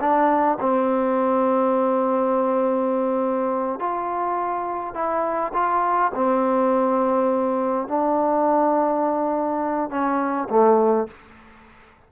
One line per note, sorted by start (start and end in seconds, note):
0.00 0.58 D4
0.60 3.79 C4
3.79 4.94 F4
4.94 5.52 E4
5.53 6.11 F4
6.15 7.88 C4
7.88 9.90 D4
9.90 10.48 C#4
10.49 11.07 A3